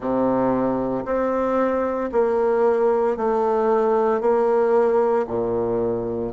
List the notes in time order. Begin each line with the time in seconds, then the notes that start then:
0.00 C3
1.05 C4
2.11 A#3
3.16 A3
4.21 A#3
5.27 A#2